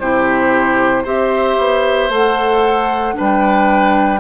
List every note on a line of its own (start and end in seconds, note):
0.00 1.05 C3
0.00 1.05 E4
0.00 1.04 G4
0.00 1.05 C5
1.04 1.57 C4
1.04 2.10 G4
1.04 3.14 C5
1.04 2.12 E5
1.58 2.09 B3
2.09 3.14 A3
2.09 3.14 A4
2.09 3.18 F#5
3.14 4.21 G3
3.14 4.20 D4
3.14 4.21 B4
3.14 4.21 G5